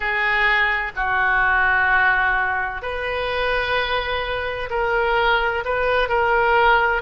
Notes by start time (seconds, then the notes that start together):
0.00 G#4
0.96 F#4
2.81 B4
4.70 A#4
5.64 B4
6.08 A#4